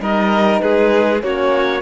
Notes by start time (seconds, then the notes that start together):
0.00 G3 D#4 A#4 D#5
0.59 G#3 G#4 B4
1.22 A#3 C#4 F#4 C#5